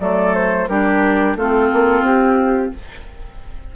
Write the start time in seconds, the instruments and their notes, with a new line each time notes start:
0.00 bassoon F#3, clarinet A3, oboe A4, flute D5
0.35 flute C5
0.68 bassoon G3, clarinet D4, oboe G4, flute A#4
1.36 bassoon A3, clarinet C4, oboe F4, flute A4
1.73 bassoon A#3
2.02 bassoon C4, flute G4